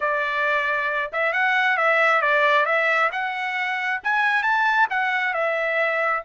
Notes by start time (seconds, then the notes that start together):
0.00 D5
1.12 E5
1.32 F#5
1.77 E5
2.21 D5
2.65 E5
3.12 F#5
4.03 G#5
4.42 A5
4.90 F#5
5.33 E5